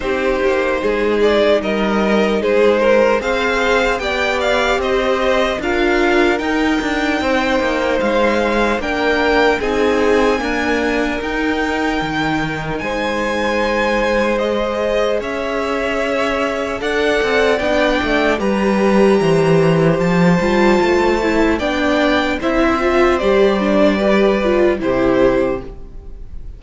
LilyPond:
<<
  \new Staff \with { instrumentName = "violin" } { \time 4/4 \tempo 4 = 75 c''4. d''8 dis''4 c''4 | f''4 g''8 f''8 dis''4 f''4 | g''2 f''4 g''4 | gis''2 g''2 |
gis''2 dis''4 e''4~ | e''4 fis''4 g''4 ais''4~ | ais''4 a''2 g''4 | e''4 d''2 c''4 | }
  \new Staff \with { instrumentName = "violin" } { \time 4/4 g'4 gis'4 ais'4 gis'8 ais'8 | c''4 d''4 c''4 ais'4~ | ais'4 c''2 ais'4 | gis'4 ais'2. |
c''2. cis''4~ | cis''4 d''2 b'4 | c''2. d''4 | c''2 b'4 g'4 | }
  \new Staff \with { instrumentName = "viola" } { \time 4/4 dis'1 | gis'4 g'2 f'4 | dis'2. d'4 | dis'4 ais4 dis'2~ |
dis'2 gis'2~ | gis'4 a'4 d'4 g'4~ | g'4. f'4 e'8 d'4 | e'8 f'8 g'8 d'8 g'8 f'8 e'4 | }
  \new Staff \with { instrumentName = "cello" } { \time 4/4 c'8 ais8 gis4 g4 gis4 | c'4 b4 c'4 d'4 | dis'8 d'8 c'8 ais8 gis4 ais4 | c'4 d'4 dis'4 dis4 |
gis2. cis'4~ | cis'4 d'8 c'8 b8 a8 g4 | e4 f8 g8 a4 b4 | c'4 g2 c4 | }
>>